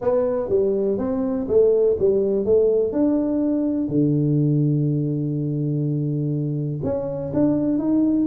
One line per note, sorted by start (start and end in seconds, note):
0.01 0.49 B3
0.49 0.98 G3
0.98 1.46 C4
1.48 1.96 A3
1.99 2.45 G3
2.45 2.92 A3
2.92 3.88 D4
3.88 6.80 D3
6.83 7.32 C#4
7.33 7.78 D4
7.78 8.26 D#4